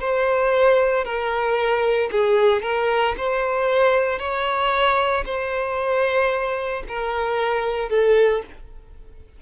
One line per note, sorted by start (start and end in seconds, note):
0.00 1.04 C5
1.04 2.10 A#4
2.11 2.62 G#4
2.62 3.15 A#4
3.17 4.19 C5
4.19 5.24 C#5
5.25 6.83 C5
6.88 7.89 A#4
7.89 8.42 A4